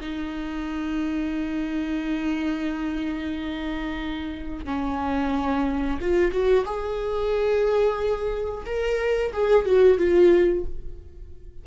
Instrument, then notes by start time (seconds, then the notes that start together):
viola
0.00 D#4
4.65 C#4
6.01 F4
6.31 F#4
6.65 G#4
8.65 A#4
9.33 G#4
9.65 F#4
9.98 F4